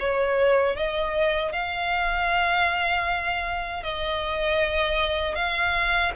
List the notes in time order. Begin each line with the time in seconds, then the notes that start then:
0.00 C#5
0.76 D#5
1.53 F5
3.84 D#5
5.35 F5